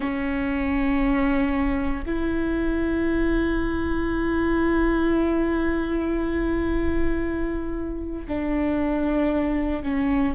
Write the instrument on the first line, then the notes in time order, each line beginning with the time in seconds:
viola
0.00 C#4
2.05 E4
8.28 D4
9.83 C#4